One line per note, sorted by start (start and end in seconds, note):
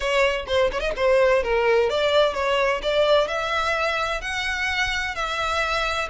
0.00 0.46 C#5
0.47 0.70 C5
0.72 0.80 C#5
0.80 0.91 D#5
0.96 1.43 C5
1.43 1.89 A#4
1.89 2.34 D5
2.34 2.81 C#5
2.82 3.27 D5
3.27 4.21 E5
4.21 5.15 F#5
5.15 6.09 E5